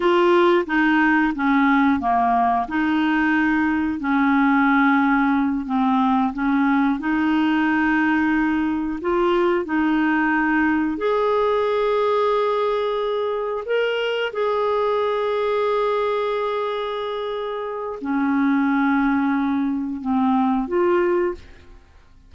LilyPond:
\new Staff \with { instrumentName = "clarinet" } { \time 4/4 \tempo 4 = 90 f'4 dis'4 cis'4 ais4 | dis'2 cis'2~ | cis'8 c'4 cis'4 dis'4.~ | dis'4. f'4 dis'4.~ |
dis'8 gis'2.~ gis'8~ | gis'8 ais'4 gis'2~ gis'8~ | gis'2. cis'4~ | cis'2 c'4 f'4 | }